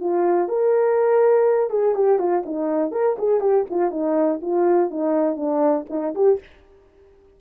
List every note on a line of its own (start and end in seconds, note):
0.00 0.48 F4
0.48 1.70 A#4
1.70 1.95 G#4
1.95 2.19 G4
2.19 2.43 F4
2.46 2.92 D#4
2.92 3.16 A#4
3.19 3.40 G#4
3.40 3.65 G4
3.70 3.91 F4
3.91 4.40 D#4
4.42 4.90 F4
4.90 5.37 D#4
5.37 5.86 D4
5.90 6.14 D#4
6.15 6.40 G4